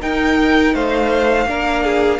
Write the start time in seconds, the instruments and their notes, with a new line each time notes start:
0.00 viola D#4, cello D#4, violin A#4 G5
0.74 cello A3, violin C5 F5
1.46 cello A#3, viola D4, violin A#4
1.84 violin G#4